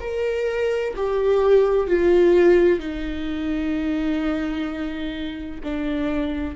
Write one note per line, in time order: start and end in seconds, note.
0.00 0.94 A#4
0.96 1.87 G4
1.87 2.79 F4
2.79 5.60 D#4
5.63 6.55 D4